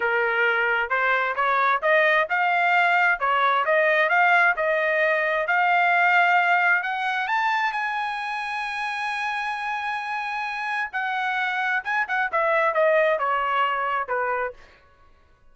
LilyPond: \new Staff \with { instrumentName = "trumpet" } { \time 4/4 \tempo 4 = 132 ais'2 c''4 cis''4 | dis''4 f''2 cis''4 | dis''4 f''4 dis''2 | f''2. fis''4 |
a''4 gis''2.~ | gis''1 | fis''2 gis''8 fis''8 e''4 | dis''4 cis''2 b'4 | }